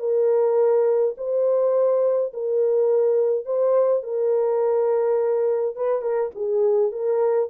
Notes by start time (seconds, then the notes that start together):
0.00 A#4
1.18 C5
2.34 A#4
3.46 C5
4.04 A#4
5.76 B4
6.02 A#4
6.35 G#4
6.92 A#4